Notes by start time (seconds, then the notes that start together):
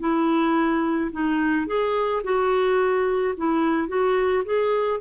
0.00 E4
1.12 D#4
1.67 G#4
2.24 F#4
3.38 E4
3.88 F#4
4.45 G#4